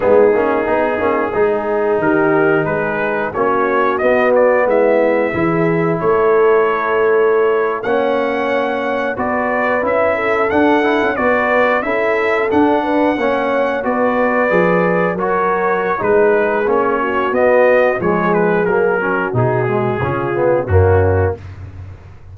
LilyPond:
<<
  \new Staff \with { instrumentName = "trumpet" } { \time 4/4 \tempo 4 = 90 gis'2. ais'4 | b'4 cis''4 dis''8 d''8 e''4~ | e''4 cis''2~ cis''8. fis''16~ | fis''4.~ fis''16 d''4 e''4 fis''16~ |
fis''8. d''4 e''4 fis''4~ fis''16~ | fis''8. d''2 cis''4~ cis''16 | b'4 cis''4 dis''4 cis''8 b'8 | ais'4 gis'2 fis'4 | }
  \new Staff \with { instrumentName = "horn" } { \time 4/4 dis'2 gis'4 g'4 | gis'4 fis'2 e'4 | gis'4 a'2~ a'8. cis''16~ | cis''4.~ cis''16 b'4. a'8.~ |
a'8. b'4 a'4. b'8 cis''16~ | cis''8. b'2 ais'4~ ais'16 | gis'4. fis'4. gis'4~ | gis'8 fis'4. f'4 cis'4 | }
  \new Staff \with { instrumentName = "trombone" } { \time 4/4 b8 cis'8 dis'8 cis'8 dis'2~ | dis'4 cis'4 b2 | e'2.~ e'8. cis'16~ | cis'4.~ cis'16 fis'4 e'4 d'16~ |
d'16 e'8 fis'4 e'4 d'4 cis'16~ | cis'8. fis'4 gis'4 fis'4~ fis'16 | dis'4 cis'4 b4 gis4 | ais8 cis'8 dis'8 gis8 cis'8 b8 ais4 | }
  \new Staff \with { instrumentName = "tuba" } { \time 4/4 gis8 ais8 b8 ais8 gis4 dis4 | gis4 ais4 b4 gis4 | e4 a2~ a8. ais16~ | ais4.~ ais16 b4 cis'4 d'16~ |
d'8 cis'16 b4 cis'4 d'4 ais16~ | ais8. b4 f4 fis4~ fis16 | gis4 ais4 b4 f4 | fis4 b,4 cis4 fis,4 | }
>>